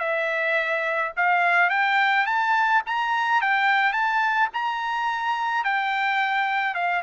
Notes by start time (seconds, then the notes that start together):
0.00 E5
1.17 F5
1.71 G5
2.27 A5
2.87 A#5
3.42 G5
3.93 A5
4.54 A#5
5.65 G5
6.75 F5